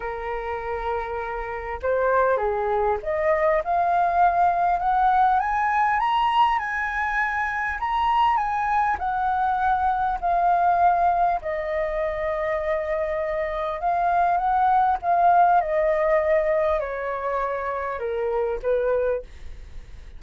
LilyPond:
\new Staff \with { instrumentName = "flute" } { \time 4/4 \tempo 4 = 100 ais'2. c''4 | gis'4 dis''4 f''2 | fis''4 gis''4 ais''4 gis''4~ | gis''4 ais''4 gis''4 fis''4~ |
fis''4 f''2 dis''4~ | dis''2. f''4 | fis''4 f''4 dis''2 | cis''2 ais'4 b'4 | }